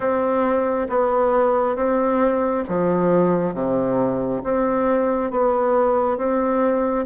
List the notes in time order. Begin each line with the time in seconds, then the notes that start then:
0.00 C4
0.89 B3
1.76 C4
2.68 F3
3.54 C3
4.43 C4
5.30 B3
6.17 C4